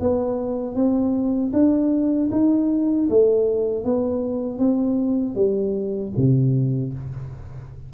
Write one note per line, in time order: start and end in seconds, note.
0.00 0.75 B3
0.75 1.52 C4
1.53 2.30 D4
2.31 3.08 D#4
3.09 3.84 A3
3.84 4.59 B3
4.59 5.35 C4
5.35 6.12 G3
6.16 6.93 C3